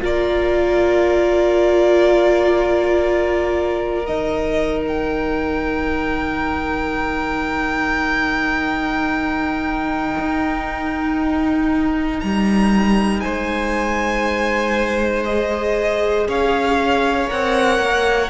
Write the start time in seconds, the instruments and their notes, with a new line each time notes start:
0.00 cello A#3, viola F4, violin A#4 D5
4.06 cello D#3, viola D#4, violin D#5
4.87 violin G5
10.19 cello D#4
12.20 cello G3, violin A#5
13.21 cello G#3, violin C5 G#5
15.25 viola G#4, violin D#5
16.28 cello C#4, violin C#5 F5
17.28 cello C4, viola A#4, violin F#5
17.80 cello A#3